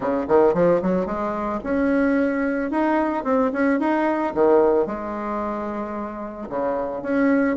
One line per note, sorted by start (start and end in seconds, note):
0.00 0.26 C#3
0.28 0.54 D#3
0.54 0.81 F3
0.82 1.05 F#3
1.05 1.59 G#3
1.63 2.71 C#4
2.71 3.24 D#4
3.24 3.51 C4
3.53 3.79 C#4
3.79 4.33 D#4
4.34 4.86 D#3
4.86 6.48 G#3
6.49 7.02 C#3
7.02 7.56 C#4